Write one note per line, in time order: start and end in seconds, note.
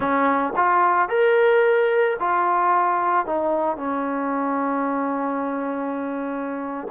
0.00 0.53 C#4
0.56 1.08 F4
1.08 2.16 A#4
2.19 3.26 F4
3.26 3.76 D#4
3.76 6.87 C#4